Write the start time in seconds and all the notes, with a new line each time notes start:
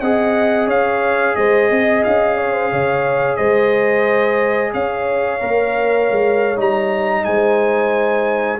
0.00 C4 G#4 D#5 F#5
0.67 C#4 C#5 F5
1.36 G#3 C5 D#5
1.70 C4 D#5
2.04 C#4 F5
2.37 C#5
2.52 C5
2.71 C#3 C#5
3.36 G#3 C5 D#5
4.73 C#4 C#5 F5
5.40 A#3 A#4
6.10 G#3
6.56 G3 D#4 A#5
7.24 G#3 C5 G#5